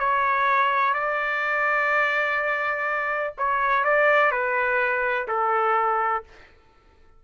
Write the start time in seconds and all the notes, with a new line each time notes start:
0.00 C#5
0.94 D5
3.38 C#5
3.85 D5
4.32 B4
5.28 A4